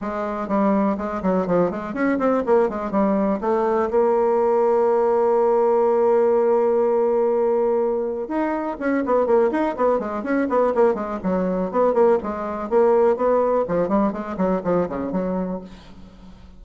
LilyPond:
\new Staff \with { instrumentName = "bassoon" } { \time 4/4 \tempo 4 = 123 gis4 g4 gis8 fis8 f8 gis8 | cis'8 c'8 ais8 gis8 g4 a4 | ais1~ | ais1~ |
ais4 dis'4 cis'8 b8 ais8 dis'8 | b8 gis8 cis'8 b8 ais8 gis8 fis4 | b8 ais8 gis4 ais4 b4 | f8 g8 gis8 fis8 f8 cis8 fis4 | }